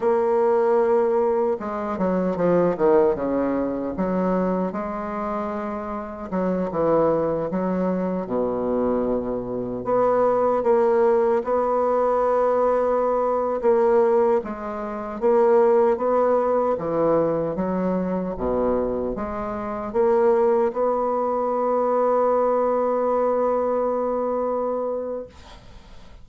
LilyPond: \new Staff \with { instrumentName = "bassoon" } { \time 4/4 \tempo 4 = 76 ais2 gis8 fis8 f8 dis8 | cis4 fis4 gis2 | fis8 e4 fis4 b,4.~ | b,8 b4 ais4 b4.~ |
b4~ b16 ais4 gis4 ais8.~ | ais16 b4 e4 fis4 b,8.~ | b,16 gis4 ais4 b4.~ b16~ | b1 | }